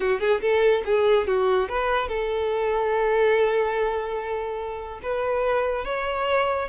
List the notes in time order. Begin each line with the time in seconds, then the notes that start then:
0.00 F#4
0.20 G#4
0.41 A4
0.85 G#4
1.27 F#4
1.68 B4
2.08 A4
5.02 B4
5.84 C#5